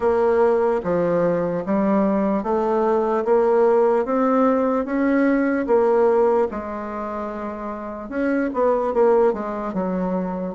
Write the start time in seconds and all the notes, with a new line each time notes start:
0.00 A#3
0.83 F3
1.65 G3
2.43 A3
3.24 A#3
4.05 C4
4.85 C#4
5.66 A#3
6.50 G#3
8.09 C#4
8.54 B3
8.93 A#3
9.33 G#3
9.73 F#3